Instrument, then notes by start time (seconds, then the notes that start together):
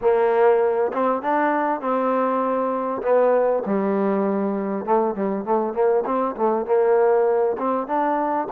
trombone
0.01 A#3
0.93 C4
1.21 D4
1.80 C4
3.02 B3
3.66 G3
4.85 A3
5.14 G3
5.44 A3
5.73 A#3
6.05 C4
6.36 A3
6.65 A#3
7.58 C4
7.87 D4